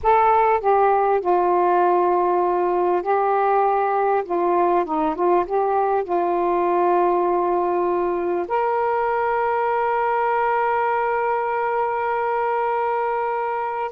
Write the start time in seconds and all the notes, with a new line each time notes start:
0.02 A4
0.60 G4
1.20 F4
3.02 G4
4.25 F4
4.85 D#4
5.15 F4
5.45 G4
6.04 F4
8.47 A#4